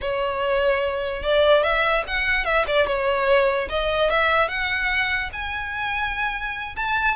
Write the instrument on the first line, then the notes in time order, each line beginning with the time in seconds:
violin
0.01 C#5
1.22 D5
1.63 E5
2.07 F#5
2.44 E5
2.67 D5
2.87 C#5
3.69 D#5
4.09 E5
4.48 F#5
5.32 G#5
6.76 A5